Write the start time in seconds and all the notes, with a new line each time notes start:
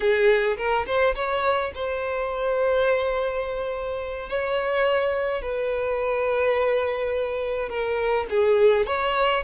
0.00 G#4
0.57 A#4
0.86 C5
1.15 C#5
1.74 C5
4.29 C#5
5.42 B4
7.69 A#4
8.30 G#4
8.86 C#5